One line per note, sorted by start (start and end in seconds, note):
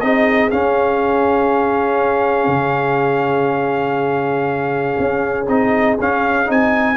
0.00 0.51 C4
0.00 0.50 D#4
0.00 6.97 G#4
0.00 0.50 D#5
0.50 5.46 C#4
0.50 2.47 C#4
0.50 5.46 F5
2.47 4.95 C#3
4.99 5.47 C#4
5.47 5.97 C4
5.47 5.98 D#4
5.47 5.97 D#5
5.99 6.49 C#4
5.99 6.45 C#4
5.99 6.50 F5
6.45 6.97 C4
6.45 6.95 D#4
6.45 6.97 G#5